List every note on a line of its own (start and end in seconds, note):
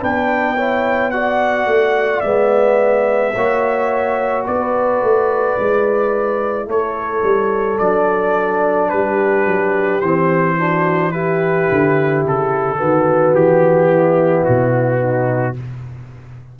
0.00 1.66 B3
0.00 0.57 D4
0.00 0.56 B4
0.00 1.11 G5
0.56 1.13 E4
0.56 1.12 C#5
1.11 2.23 F#4
1.11 3.35 D5
1.11 2.21 F#5
1.66 2.22 A3
2.21 3.34 G#3
2.21 3.34 B3
2.21 4.43 E5
3.35 4.47 A#3
3.35 5.59 F#4
3.35 4.46 C#5
4.46 5.02 B3
4.46 6.68 B4
4.46 6.69 D5
5.02 5.58 A3
5.59 6.67 G#3
5.59 7.80 E4
6.67 7.22 A3
6.67 8.90 A4
6.67 7.78 C#5
7.23 7.79 G3
7.78 8.91 F#3
7.78 10.02 D4
7.78 8.90 D5
8.90 9.47 G3
8.90 10.57 G4
8.90 10.01 B4
9.47 10.02 F#3
10.01 11.69 E3
10.01 10.58 C4
10.01 11.12 C5
10.58 11.13 D4
10.58 11.12 F#4
11.12 12.76 E4
11.12 12.79 G4
11.12 12.23 B4
11.72 12.25 D3
12.25 12.80 C#3
12.25 13.35 A4
12.76 13.34 D#3
12.76 15.54 B3
12.76 13.90 F#4
13.34 14.45 E3
13.34 14.44 G4
13.90 15.00 E4
14.44 15.59 B2
14.44 15.56 F#4
15.00 15.55 D#4